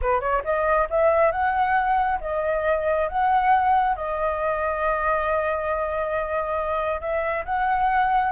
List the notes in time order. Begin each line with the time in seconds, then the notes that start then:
0.01 B4
0.20 C#5
0.44 D#5
0.90 E5
1.31 F#5
2.20 D#5
3.08 F#5
3.95 D#5
7.01 E5
7.45 F#5